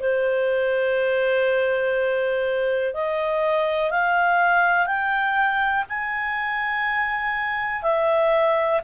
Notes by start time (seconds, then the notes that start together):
0.00 C5
2.94 D#5
3.91 F5
4.87 G5
5.89 G#5
7.83 E5